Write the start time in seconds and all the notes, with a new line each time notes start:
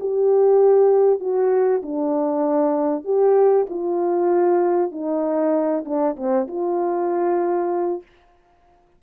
0.00 G4
1.20 F#4
1.82 D4
3.04 G4
3.70 F4
4.92 D#4
5.85 D4
6.17 C4
6.48 F4